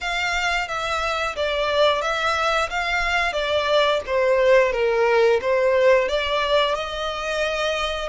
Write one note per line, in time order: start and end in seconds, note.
0.00 0.68 F5
0.68 1.35 E5
1.36 2.01 D5
2.01 2.69 E5
2.70 3.32 F5
3.32 4.00 D5
4.06 4.72 C5
4.72 5.40 A#4
5.41 6.08 C5
6.08 6.74 D5
6.74 8.08 D#5